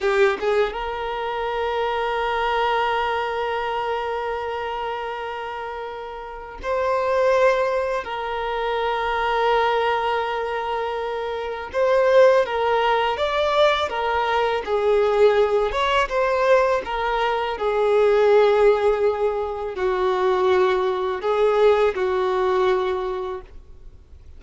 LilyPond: \new Staff \with { instrumentName = "violin" } { \time 4/4 \tempo 4 = 82 g'8 gis'8 ais'2.~ | ais'1~ | ais'4 c''2 ais'4~ | ais'1 |
c''4 ais'4 d''4 ais'4 | gis'4. cis''8 c''4 ais'4 | gis'2. fis'4~ | fis'4 gis'4 fis'2 | }